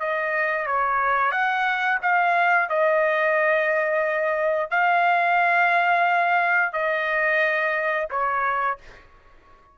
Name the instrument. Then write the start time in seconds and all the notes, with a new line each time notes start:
trumpet
0.00 D#5
0.67 C#5
1.31 F#5
2.02 F5
2.69 D#5
4.70 F5
6.73 D#5
8.11 C#5